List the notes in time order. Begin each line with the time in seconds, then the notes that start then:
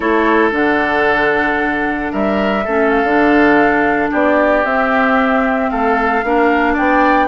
0.00 A3 E4 A4 C#5
0.51 D3 D4 F#5
2.12 G3 A#4 E5
2.64 A3 C#4 A4
2.89 F5
3.03 D3 D4
4.10 B3 G4 D5
4.64 C4 E5
5.69 A3 A4 F5
6.23 A#3 D4 A#4
6.73 B3 D5 G5